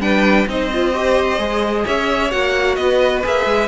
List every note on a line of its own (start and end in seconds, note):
0.00 0.46 G3
0.00 0.47 D4
0.00 0.48 B4
0.00 0.47 G5
0.47 1.38 C4
0.47 0.71 D#4
0.47 1.85 C5
0.47 1.86 D#5
0.73 0.93 F4
0.93 1.39 G4
1.38 1.84 G#3
1.38 2.30 G#4
1.85 2.32 C#4
1.85 2.76 C#5
1.85 2.31 E5
2.30 2.77 A#3
2.30 3.23 F#4
2.30 2.75 F#5
2.75 3.23 B3
2.75 3.68 B4
2.75 3.21 D#5
3.23 3.45 A#3
3.23 3.68 G#4
3.23 3.68 E5
3.45 3.68 G#3